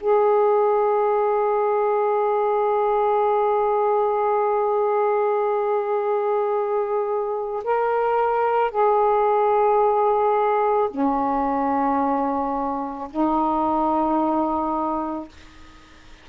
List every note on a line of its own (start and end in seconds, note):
0.00 7.64 G#4
7.64 8.71 A#4
8.71 10.89 G#4
10.90 13.09 C#4
13.11 15.29 D#4